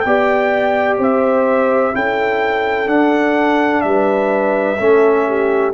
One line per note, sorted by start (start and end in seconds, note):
0.00 0.98 B3
0.00 1.93 G4
0.00 0.98 D5
0.00 0.95 G5
0.98 1.93 C4
0.98 1.93 C5
0.98 1.95 E5
1.93 2.87 C#4
1.93 2.86 E4
1.93 3.85 A4
1.93 2.88 G5
2.86 4.77 D4
2.86 3.83 D4
2.86 3.81 F#5
3.81 4.79 G3
3.81 4.80 B4
3.81 5.71 E5
4.77 5.73 A3
4.77 5.73 C#4
4.77 5.27 A4
5.27 5.73 G4